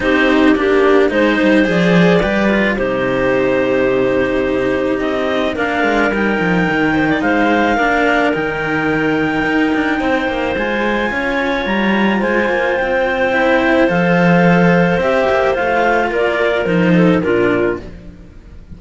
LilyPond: <<
  \new Staff \with { instrumentName = "clarinet" } { \time 4/4 \tempo 4 = 108 c''4 g'4 c''4 d''4~ | d''4 c''2.~ | c''4 dis''4 f''4 g''4~ | g''4 f''2 g''4~ |
g''2. gis''4~ | gis''4 ais''4 gis''4 g''4~ | g''4 f''2 e''4 | f''4 d''4 c''4 ais'4 | }
  \new Staff \with { instrumentName = "clarinet" } { \time 4/4 g'2 c''2 | b'4 g'2.~ | g'2 ais'2~ | ais'8 c''16 d''16 c''4 ais'2~ |
ais'2 c''2 | cis''2 c''2~ | c''1~ | c''4 ais'4. a'8 f'4 | }
  \new Staff \with { instrumentName = "cello" } { \time 4/4 dis'4 d'4 dis'4 gis'4 | g'8 f'8 dis'2.~ | dis'2 d'4 dis'4~ | dis'2 d'4 dis'4~ |
dis'2. f'4~ | f'1 | e'4 a'2 g'4 | f'2 dis'4 d'4 | }
  \new Staff \with { instrumentName = "cello" } { \time 4/4 c'4 ais4 gis8 g8 f4 | g4 c2.~ | c4 c'4 ais8 gis8 g8 f8 | dis4 gis4 ais4 dis4~ |
dis4 dis'8 d'8 c'8 ais8 gis4 | cis'4 g4 gis8 ais8 c'4~ | c'4 f2 c'8 ais8 | a4 ais4 f4 ais,4 | }
>>